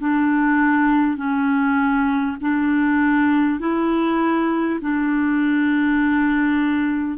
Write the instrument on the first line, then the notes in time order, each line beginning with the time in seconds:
clarinet
0.00 D4
1.16 C#4
2.41 D4
3.59 E4
4.81 D4